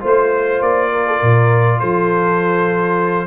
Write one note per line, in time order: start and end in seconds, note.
0.00 0.61 A3
0.00 3.27 F4
0.00 0.91 C5
0.00 0.62 C5
0.61 1.21 A#3
0.61 1.80 D5
0.91 1.06 A#4
1.07 1.19 A4
1.19 1.82 A#2
1.19 1.78 A#4
1.80 3.27 F3
1.80 3.27 A4
1.80 3.27 C5